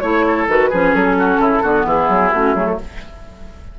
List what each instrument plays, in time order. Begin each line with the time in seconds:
0.00 bassoon A3, clarinet E4, flute C#5, oboe C#5
0.28 oboe A4
0.47 bassoon D#3, clarinet F#4, flute B4
0.70 bassoon F3, clarinet C#4, oboe G#4
0.95 bassoon F#3, flute A4
1.19 oboe F#4
1.39 bassoon C#3, oboe E4
1.63 bassoon D3, clarinet B3, oboe F#4
1.85 bassoon E3, oboe E4, flute G#4
2.09 bassoon F#3
2.32 bassoon A3, clarinet C#4, flute F#4
2.55 bassoon F#3, clarinet A3, flute G#4
2.67 flute A4